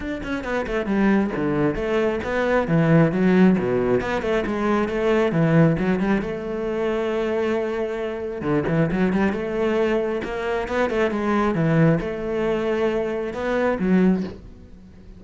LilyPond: \new Staff \with { instrumentName = "cello" } { \time 4/4 \tempo 4 = 135 d'8 cis'8 b8 a8 g4 d4 | a4 b4 e4 fis4 | b,4 b8 a8 gis4 a4 | e4 fis8 g8 a2~ |
a2. d8 e8 | fis8 g8 a2 ais4 | b8 a8 gis4 e4 a4~ | a2 b4 fis4 | }